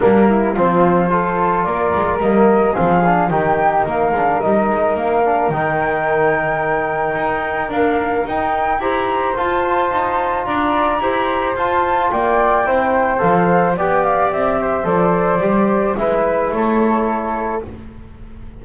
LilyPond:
<<
  \new Staff \with { instrumentName = "flute" } { \time 4/4 \tempo 4 = 109 ais'4 c''2 d''4 | dis''4 f''4 g''4 f''4 | dis''4 f''4 g''2~ | g''2 f''4 g''4 |
ais''4 a''2 ais''4~ | ais''4 a''4 g''2 | f''4 g''8 f''8 e''4 d''4~ | d''4 e''4 cis''2 | }
  \new Staff \with { instrumentName = "flute" } { \time 4/4 d'8 e'8 f'4 a'4 ais'4~ | ais'4 gis'4 g'4 ais'4~ | ais'1~ | ais'1 |
c''2. d''4 | c''2 d''4 c''4~ | c''4 d''4. c''4.~ | c''4 b'4 a'2 | }
  \new Staff \with { instrumentName = "trombone" } { \time 4/4 ais4 c'4 f'2 | ais4 c'8 d'8 dis'4. d'8 | dis'4. d'8 dis'2~ | dis'2 ais4 dis'4 |
g'4 f'2. | g'4 f'2 e'4 | a'4 g'2 a'4 | g'4 e'2. | }
  \new Staff \with { instrumentName = "double bass" } { \time 4/4 g4 f2 ais8 gis8 | g4 f4 dis4 ais8 gis8 | g8 gis8 ais4 dis2~ | dis4 dis'4 d'4 dis'4 |
e'4 f'4 dis'4 d'4 | e'4 f'4 ais4 c'4 | f4 b4 c'4 f4 | g4 gis4 a2 | }
>>